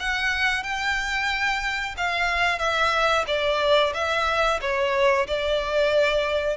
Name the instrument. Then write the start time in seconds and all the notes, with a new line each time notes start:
violin
0.00 F#5
0.64 G5
1.98 F5
2.59 E5
3.28 D5
3.94 E5
4.61 C#5
5.27 D5